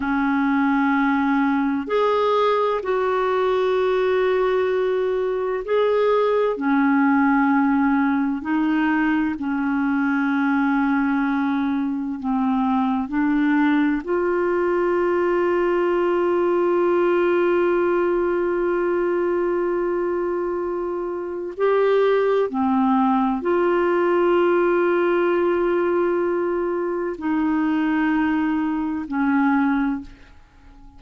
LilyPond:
\new Staff \with { instrumentName = "clarinet" } { \time 4/4 \tempo 4 = 64 cis'2 gis'4 fis'4~ | fis'2 gis'4 cis'4~ | cis'4 dis'4 cis'2~ | cis'4 c'4 d'4 f'4~ |
f'1~ | f'2. g'4 | c'4 f'2.~ | f'4 dis'2 cis'4 | }